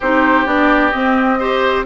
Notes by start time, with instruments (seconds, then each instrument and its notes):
0.00 bassoon C4, clarinet D#4, oboe G4, flute C5
0.45 bassoon B3, clarinet D4, flute D5
0.91 clarinet C4, bassoon C4, flute D#5
1.39 clarinet G4, oboe C5